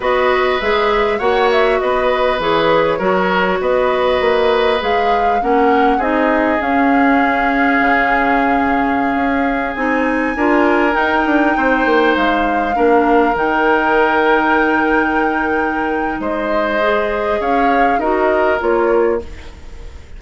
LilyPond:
<<
  \new Staff \with { instrumentName = "flute" } { \time 4/4 \tempo 4 = 100 dis''4 e''4 fis''8 e''8 dis''4 | cis''2 dis''2 | f''4 fis''4 dis''4 f''4~ | f''1~ |
f''16 gis''2 g''4.~ g''16~ | g''16 f''2 g''4.~ g''16~ | g''2. dis''4~ | dis''4 f''4 dis''4 cis''4 | }
  \new Staff \with { instrumentName = "oboe" } { \time 4/4 b'2 cis''4 b'4~ | b'4 ais'4 b'2~ | b'4 ais'4 gis'2~ | gis'1~ |
gis'4~ gis'16 ais'2 c''8.~ | c''4~ c''16 ais'2~ ais'8.~ | ais'2. c''4~ | c''4 cis''4 ais'2 | }
  \new Staff \with { instrumentName = "clarinet" } { \time 4/4 fis'4 gis'4 fis'2 | gis'4 fis'2. | gis'4 cis'4 dis'4 cis'4~ | cis'1~ |
cis'16 dis'4 f'4 dis'4.~ dis'16~ | dis'4~ dis'16 d'4 dis'4.~ dis'16~ | dis'1 | gis'2 fis'4 f'4 | }
  \new Staff \with { instrumentName = "bassoon" } { \time 4/4 b4 gis4 ais4 b4 | e4 fis4 b4 ais4 | gis4 ais4 c'4 cis'4~ | cis'4 cis2~ cis16 cis'8.~ |
cis'16 c'4 d'4 dis'8 d'8 c'8 ais16~ | ais16 gis4 ais4 dis4.~ dis16~ | dis2. gis4~ | gis4 cis'4 dis'4 ais4 | }
>>